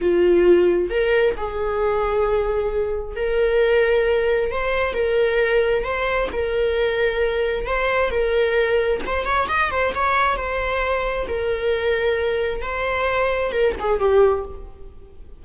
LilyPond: \new Staff \with { instrumentName = "viola" } { \time 4/4 \tempo 4 = 133 f'2 ais'4 gis'4~ | gis'2. ais'4~ | ais'2 c''4 ais'4~ | ais'4 c''4 ais'2~ |
ais'4 c''4 ais'2 | c''8 cis''8 dis''8 c''8 cis''4 c''4~ | c''4 ais'2. | c''2 ais'8 gis'8 g'4 | }